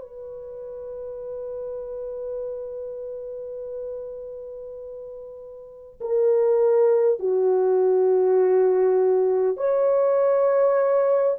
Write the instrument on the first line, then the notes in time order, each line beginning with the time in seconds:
horn
0.00 B4
6.01 A#4
7.19 F#4
9.57 C#5